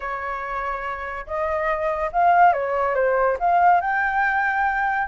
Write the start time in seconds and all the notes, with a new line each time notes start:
0.00 C#5
1.26 D#5
2.12 F5
2.52 C#5
2.95 C5
3.39 F5
3.80 G5